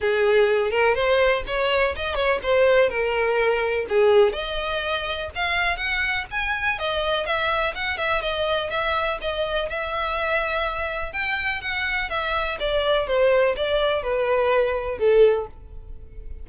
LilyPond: \new Staff \with { instrumentName = "violin" } { \time 4/4 \tempo 4 = 124 gis'4. ais'8 c''4 cis''4 | dis''8 cis''8 c''4 ais'2 | gis'4 dis''2 f''4 | fis''4 gis''4 dis''4 e''4 |
fis''8 e''8 dis''4 e''4 dis''4 | e''2. g''4 | fis''4 e''4 d''4 c''4 | d''4 b'2 a'4 | }